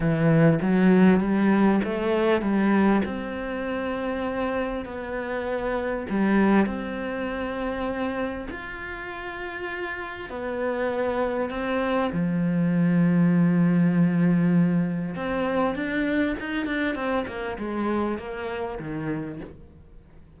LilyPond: \new Staff \with { instrumentName = "cello" } { \time 4/4 \tempo 4 = 99 e4 fis4 g4 a4 | g4 c'2. | b2 g4 c'4~ | c'2 f'2~ |
f'4 b2 c'4 | f1~ | f4 c'4 d'4 dis'8 d'8 | c'8 ais8 gis4 ais4 dis4 | }